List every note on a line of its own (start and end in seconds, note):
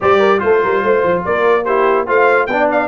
0.00 0.42 G3
0.00 0.38 G4
0.00 0.19 C5
0.00 0.40 D5
0.19 0.40 A#4
0.38 0.63 A3
0.38 1.62 F4
0.38 1.22 C5
0.44 0.62 A4
0.62 0.83 G3
0.62 0.83 A#4
0.83 1.03 A3
0.83 1.25 C5
1.03 1.23 F3
1.25 2.08 A#3
1.25 1.65 A#4
1.25 1.64 D5
1.64 2.06 E4
1.64 2.06 G4
1.64 2.06 C5
2.06 2.47 A3
2.06 2.48 F4
2.06 2.47 C5
2.06 2.46 F5
2.46 2.87 B3
2.46 2.87 D4
2.46 2.87 D5
2.46 2.67 G5
2.71 2.87 F5